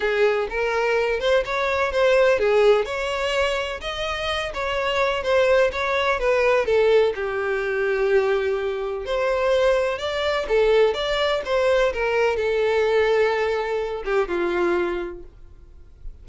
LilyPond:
\new Staff \with { instrumentName = "violin" } { \time 4/4 \tempo 4 = 126 gis'4 ais'4. c''8 cis''4 | c''4 gis'4 cis''2 | dis''4. cis''4. c''4 | cis''4 b'4 a'4 g'4~ |
g'2. c''4~ | c''4 d''4 a'4 d''4 | c''4 ais'4 a'2~ | a'4. g'8 f'2 | }